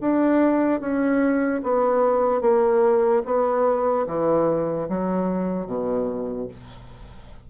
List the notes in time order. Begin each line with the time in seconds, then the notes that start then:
0.00 D4
0.80 C#4
1.63 B3
2.41 A#3
3.25 B3
4.07 E3
4.88 F#3
5.66 B2